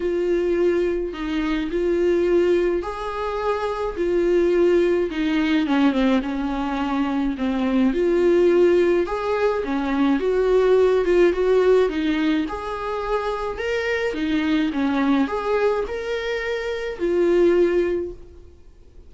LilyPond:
\new Staff \with { instrumentName = "viola" } { \time 4/4 \tempo 4 = 106 f'2 dis'4 f'4~ | f'4 gis'2 f'4~ | f'4 dis'4 cis'8 c'8 cis'4~ | cis'4 c'4 f'2 |
gis'4 cis'4 fis'4. f'8 | fis'4 dis'4 gis'2 | ais'4 dis'4 cis'4 gis'4 | ais'2 f'2 | }